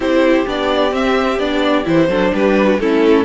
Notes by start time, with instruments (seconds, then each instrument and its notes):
0.00 cello C4, viola E4, violin G4 C5
0.46 cello B3, viola D4, violin D5
0.91 viola C4, cello C4, violin E5
1.38 cello B3, viola D4, violin D5
1.84 cello E3, viola E4, violin C5
2.09 cello F#3, viola D4, violin A4
2.32 cello G3, violin G4 B4
2.65 violin F#4
2.78 cello A3, viola C#4, violin E4 A4